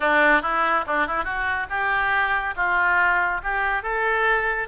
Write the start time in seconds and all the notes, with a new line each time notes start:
0.00 D4
0.42 E4
0.86 D4
1.07 E4
1.24 F#4
1.69 G4
2.56 F4
3.43 G4
3.82 A4